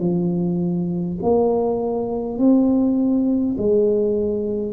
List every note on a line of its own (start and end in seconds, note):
0.00 1.18 F3
1.22 2.39 A#3
2.39 3.56 C4
3.58 4.73 G#3